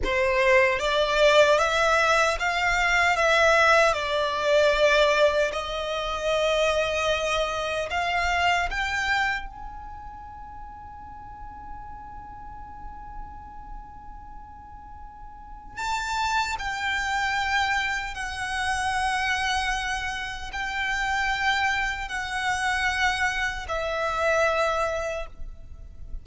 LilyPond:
\new Staff \with { instrumentName = "violin" } { \time 4/4 \tempo 4 = 76 c''4 d''4 e''4 f''4 | e''4 d''2 dis''4~ | dis''2 f''4 g''4 | gis''1~ |
gis''1 | a''4 g''2 fis''4~ | fis''2 g''2 | fis''2 e''2 | }